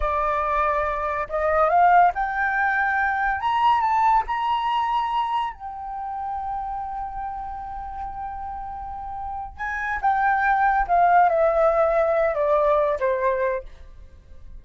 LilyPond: \new Staff \with { instrumentName = "flute" } { \time 4/4 \tempo 4 = 141 d''2. dis''4 | f''4 g''2. | ais''4 a''4 ais''2~ | ais''4 g''2.~ |
g''1~ | g''2~ g''8 gis''4 g''8~ | g''4. f''4 e''4.~ | e''4 d''4. c''4. | }